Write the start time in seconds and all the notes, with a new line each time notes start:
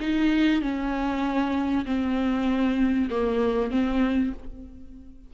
0.00 D#4
0.61 C#4
1.85 C4
3.10 A#3
3.71 C4